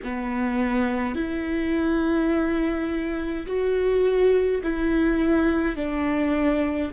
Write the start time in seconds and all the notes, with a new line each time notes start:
0.03 B3
1.15 E4
3.46 F#4
4.63 E4
5.75 D4